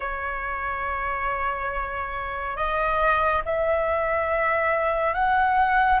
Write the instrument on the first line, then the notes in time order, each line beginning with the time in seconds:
flute
0.00 C#5
2.56 D#5
3.45 E5
5.14 F#5